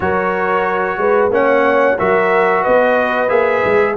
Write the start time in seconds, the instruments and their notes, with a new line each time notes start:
0.00 tuba F#3, trombone F#4, horn A#4, trumpet C#5
0.97 tuba G#3, horn B4
1.30 tuba A#3, trombone C#4, horn C#5, trumpet F#5
1.98 tuba F#3, trombone F#4, horn A#4, trumpet E5
2.62 tuba B3, horn B4, trumpet D#5
3.28 tuba A#3, trombone G#4, trumpet E5
3.64 tuba G#3